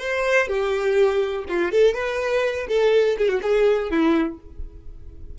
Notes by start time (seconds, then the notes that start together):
0.00 C5
0.48 G4
1.49 F4
1.72 A4
1.95 B4
2.69 A4
3.18 G#4
3.29 F#4
3.43 G#4
3.91 E4